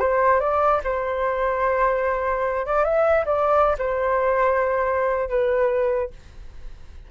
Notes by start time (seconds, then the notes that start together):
0.00 C5
0.40 D5
0.84 C5
2.66 D5
2.85 E5
3.26 D5
3.79 C5
5.29 B4